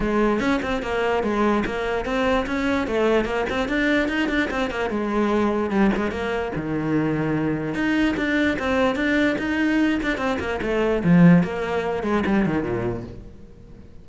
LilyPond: \new Staff \with { instrumentName = "cello" } { \time 4/4 \tempo 4 = 147 gis4 cis'8 c'8 ais4 gis4 | ais4 c'4 cis'4 a4 | ais8 c'8 d'4 dis'8 d'8 c'8 ais8 | gis2 g8 gis8 ais4 |
dis2. dis'4 | d'4 c'4 d'4 dis'4~ | dis'8 d'8 c'8 ais8 a4 f4 | ais4. gis8 g8 dis8 ais,4 | }